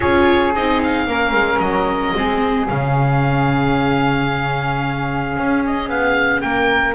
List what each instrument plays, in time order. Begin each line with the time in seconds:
0.00 double bass C#4, viola F4, flute G#4, oboe C#5
0.55 double bass C4, viola D#4, oboe D#5
0.83 oboe F5
1.06 double bass A#3, viola C#4, flute A#4
1.32 double bass G#3
1.59 double bass F#3, oboe D#5
2.15 double bass G#3, viola C4, flute G#4
2.68 double bass C#3, viola C#4, oboe F5
5.36 double bass C#4
5.66 oboe D#5
5.88 double bass B3, oboe F5
6.41 double bass A#3, flute A#4, oboe G5